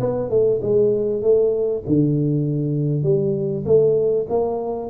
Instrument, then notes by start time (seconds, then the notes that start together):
tuba
0.00 B3
0.29 A3
0.62 G#3
1.22 A3
1.87 D3
3.03 G3
3.65 A3
4.29 A#3